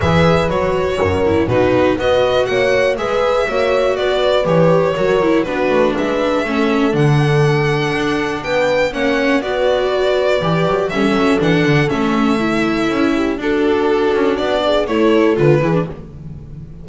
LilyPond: <<
  \new Staff \with { instrumentName = "violin" } { \time 4/4 \tempo 4 = 121 e''4 cis''2 b'4 | dis''4 fis''4 e''2 | d''4 cis''2 b'4 | e''2 fis''2~ |
fis''4 g''4 fis''4 d''4~ | d''2 e''4 fis''4 | e''2. a'4~ | a'4 d''4 cis''4 b'4 | }
  \new Staff \with { instrumentName = "horn" } { \time 4/4 b'2 ais'4 fis'4 | b'4 cis''4 b'4 cis''4 | b'2 ais'4 fis'4 | b'4 a'2.~ |
a'4 b'4 cis''4 b'4~ | b'2 a'2~ | a'2~ a'8 g'8 fis'4~ | fis'4. gis'8 a'4. gis'8 | }
  \new Staff \with { instrumentName = "viola" } { \time 4/4 gis'4 fis'4. e'8 dis'4 | fis'2 gis'4 fis'4~ | fis'4 g'4 fis'8 e'8 d'4~ | d'4 cis'4 d'2~ |
d'2 cis'4 fis'4~ | fis'4 g'4 cis'4 d'4 | cis'4 e'2 d'4~ | d'2 e'4 f'8 e'16 d'16 | }
  \new Staff \with { instrumentName = "double bass" } { \time 4/4 e4 fis4 fis,4 b,4 | b4 ais4 gis4 ais4 | b4 e4 fis4 b8 a8 | gis4 a4 d2 |
d'4 b4 ais4 b4~ | b4 e8 fis8 g8 fis8 e8 d8 | a2 cis'4 d'4~ | d'8 cis'8 b4 a4 d8 e8 | }
>>